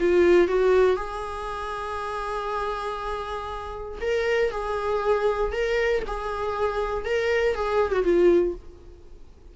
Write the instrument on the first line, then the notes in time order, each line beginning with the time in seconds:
viola
0.00 F4
0.48 F#4
0.96 G#4
4.01 A#4
4.51 G#4
5.52 A#4
6.07 G#4
7.05 A#4
7.55 G#4
7.92 F#4
8.04 F4